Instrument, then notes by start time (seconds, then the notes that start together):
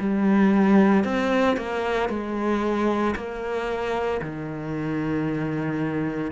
cello
0.00 G3
1.04 C4
1.57 A#3
2.10 G#3
3.16 A#3
4.22 D#3